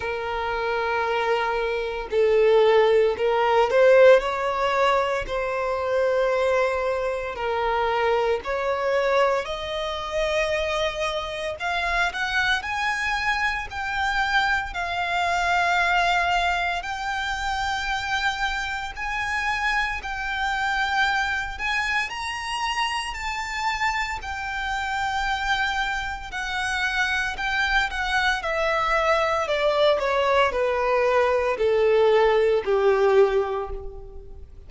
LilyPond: \new Staff \with { instrumentName = "violin" } { \time 4/4 \tempo 4 = 57 ais'2 a'4 ais'8 c''8 | cis''4 c''2 ais'4 | cis''4 dis''2 f''8 fis''8 | gis''4 g''4 f''2 |
g''2 gis''4 g''4~ | g''8 gis''8 ais''4 a''4 g''4~ | g''4 fis''4 g''8 fis''8 e''4 | d''8 cis''8 b'4 a'4 g'4 | }